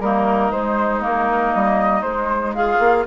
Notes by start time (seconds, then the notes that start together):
0.00 G3 A#3 D#4 A#4
0.51 G#3 C5
1.01 A#3 A#4
1.54 G3 D#5
2.02 G#3 C5
2.54 F4 G#4 F5
2.80 A#3